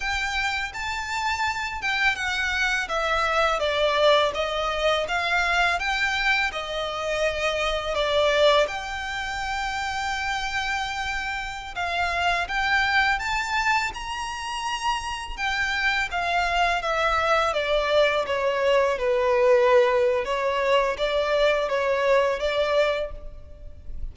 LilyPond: \new Staff \with { instrumentName = "violin" } { \time 4/4 \tempo 4 = 83 g''4 a''4. g''8 fis''4 | e''4 d''4 dis''4 f''4 | g''4 dis''2 d''4 | g''1~ |
g''16 f''4 g''4 a''4 ais''8.~ | ais''4~ ais''16 g''4 f''4 e''8.~ | e''16 d''4 cis''4 b'4.~ b'16 | cis''4 d''4 cis''4 d''4 | }